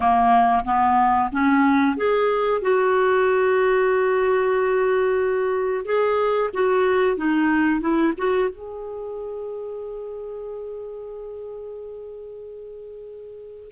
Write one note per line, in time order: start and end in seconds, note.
0.00 0.64 A#3
0.64 1.30 B3
1.32 1.96 C#4
1.96 2.61 G#4
2.61 5.85 F#4
5.85 6.50 G#4
6.53 7.17 F#4
7.17 7.80 D#4
7.80 8.13 E4
8.17 8.49 F#4
8.49 13.71 G#4